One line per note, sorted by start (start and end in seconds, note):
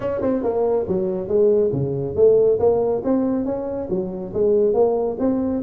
0.00 0.21 C#4
0.21 0.43 C4
0.43 0.86 A#3
0.88 1.28 F#3
1.28 1.71 G#3
1.72 2.15 C#3
2.15 2.58 A3
2.59 3.02 A#3
3.03 3.45 C4
3.45 3.88 C#4
3.89 4.33 F#3
4.33 4.73 G#3
4.73 5.16 A#3
5.19 5.62 C4